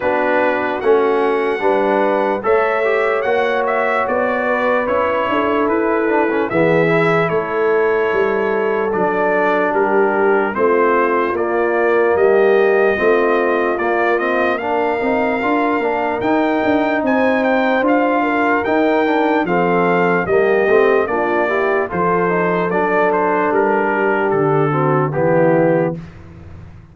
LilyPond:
<<
  \new Staff \with { instrumentName = "trumpet" } { \time 4/4 \tempo 4 = 74 b'4 fis''2 e''4 | fis''8 e''8 d''4 cis''4 b'4 | e''4 cis''2 d''4 | ais'4 c''4 d''4 dis''4~ |
dis''4 d''8 dis''8 f''2 | g''4 gis''8 g''8 f''4 g''4 | f''4 dis''4 d''4 c''4 | d''8 c''8 ais'4 a'4 g'4 | }
  \new Staff \with { instrumentName = "horn" } { \time 4/4 fis'2 b'4 cis''4~ | cis''4. b'4 a'4. | gis'4 a'2. | g'4 f'2 g'4 |
f'2 ais'2~ | ais'4 c''4. ais'4. | a'4 g'4 f'8 g'8 a'4~ | a'4. g'4 fis'8 e'4 | }
  \new Staff \with { instrumentName = "trombone" } { \time 4/4 d'4 cis'4 d'4 a'8 g'8 | fis'2 e'4. d'16 cis'16 | b8 e'2~ e'8 d'4~ | d'4 c'4 ais2 |
c'4 ais8 c'8 d'8 dis'8 f'8 d'8 | dis'2 f'4 dis'8 d'8 | c'4 ais8 c'8 d'8 e'8 f'8 dis'8 | d'2~ d'8 c'8 b4 | }
  \new Staff \with { instrumentName = "tuba" } { \time 4/4 b4 a4 g4 a4 | ais4 b4 cis'8 d'8 e'4 | e4 a4 g4 fis4 | g4 a4 ais4 g4 |
a4 ais4. c'8 d'8 ais8 | dis'8 d'8 c'4 d'4 dis'4 | f4 g8 a8 ais4 f4 | fis4 g4 d4 e4 | }
>>